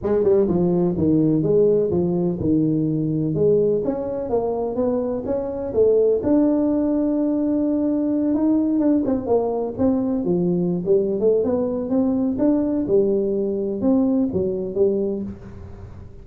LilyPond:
\new Staff \with { instrumentName = "tuba" } { \time 4/4 \tempo 4 = 126 gis8 g8 f4 dis4 gis4 | f4 dis2 gis4 | cis'4 ais4 b4 cis'4 | a4 d'2.~ |
d'4. dis'4 d'8 c'8 ais8~ | ais8 c'4 f4~ f16 g8. a8 | b4 c'4 d'4 g4~ | g4 c'4 fis4 g4 | }